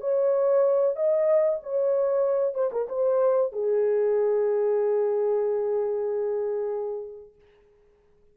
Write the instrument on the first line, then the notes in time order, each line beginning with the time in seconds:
horn
0.00 C#5
0.96 D#5
1.62 C#5
2.54 C5
2.72 A#4
2.88 C5
3.52 G#4